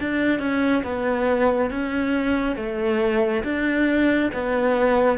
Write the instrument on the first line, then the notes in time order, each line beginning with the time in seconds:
cello
0.00 D4
0.40 C#4
0.84 B3
1.71 C#4
2.57 A3
3.44 D4
4.34 B3